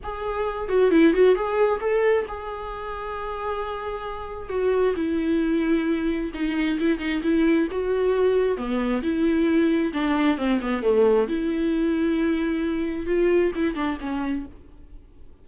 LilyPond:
\new Staff \with { instrumentName = "viola" } { \time 4/4 \tempo 4 = 133 gis'4. fis'8 e'8 fis'8 gis'4 | a'4 gis'2.~ | gis'2 fis'4 e'4~ | e'2 dis'4 e'8 dis'8 |
e'4 fis'2 b4 | e'2 d'4 c'8 b8 | a4 e'2.~ | e'4 f'4 e'8 d'8 cis'4 | }